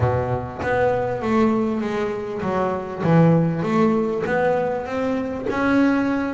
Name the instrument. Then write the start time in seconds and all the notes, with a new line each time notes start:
double bass
0.00 B2
0.62 B3
1.21 A3
1.81 G#3
2.41 F#3
3.03 E3
3.63 A3
4.26 B3
4.85 C4
5.50 C#4